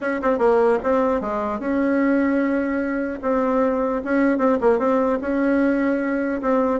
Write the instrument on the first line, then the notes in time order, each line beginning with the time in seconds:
bassoon
0.00 C#4
0.22 C4
0.38 A#3
0.83 C4
1.20 G#3
1.59 C#4
3.21 C4
4.04 C#4
4.38 C4
4.60 A#3
4.78 C4
5.21 C#4
6.41 C4